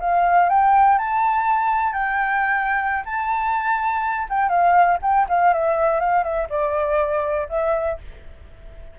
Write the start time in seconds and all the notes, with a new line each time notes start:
0.00 F5
0.49 G5
0.98 A5
1.93 G5
3.05 A5
4.29 G5
4.49 F5
5.02 G5
5.29 F5
5.54 E5
6.00 F5
6.24 E5
6.50 D5
7.49 E5